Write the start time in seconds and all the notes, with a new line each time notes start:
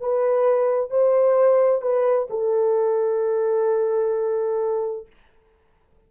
0.00 B4
0.90 C5
1.81 B4
2.30 A4